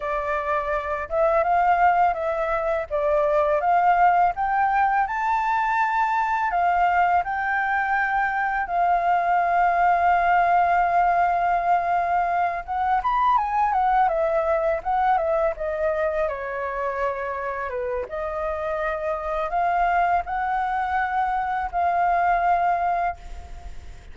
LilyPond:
\new Staff \with { instrumentName = "flute" } { \time 4/4 \tempo 4 = 83 d''4. e''8 f''4 e''4 | d''4 f''4 g''4 a''4~ | a''4 f''4 g''2 | f''1~ |
f''4. fis''8 b''8 gis''8 fis''8 e''8~ | e''8 fis''8 e''8 dis''4 cis''4.~ | cis''8 b'8 dis''2 f''4 | fis''2 f''2 | }